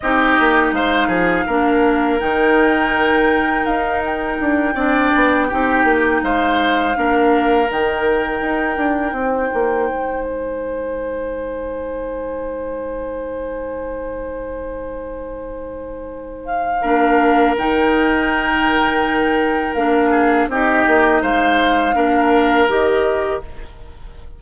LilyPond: <<
  \new Staff \with { instrumentName = "flute" } { \time 4/4 \tempo 4 = 82 dis''4 f''2 g''4~ | g''4 f''8 g''2~ g''8~ | g''8 f''2 g''4.~ | g''2 gis''2~ |
gis''1~ | gis''2~ gis''8 f''4. | g''2. f''4 | dis''4 f''2 dis''4 | }
  \new Staff \with { instrumentName = "oboe" } { \time 4/4 g'4 c''8 gis'8 ais'2~ | ais'2~ ais'8 d''4 g'8~ | g'8 c''4 ais'2~ ais'8~ | ais'8 c''2.~ c''8~ |
c''1~ | c''2. ais'4~ | ais'2.~ ais'8 gis'8 | g'4 c''4 ais'2 | }
  \new Staff \with { instrumentName = "clarinet" } { \time 4/4 dis'2 d'4 dis'4~ | dis'2~ dis'8 d'4 dis'8~ | dis'4. d'4 dis'4.~ | dis'1~ |
dis'1~ | dis'2. d'4 | dis'2. d'4 | dis'2 d'4 g'4 | }
  \new Staff \with { instrumentName = "bassoon" } { \time 4/4 c'8 ais8 gis8 f8 ais4 dis4~ | dis4 dis'4 d'8 c'8 b8 c'8 | ais8 gis4 ais4 dis4 dis'8 | d'8 c'8 ais8 gis2~ gis8~ |
gis1~ | gis2. ais4 | dis2. ais4 | c'8 ais8 gis4 ais4 dis4 | }
>>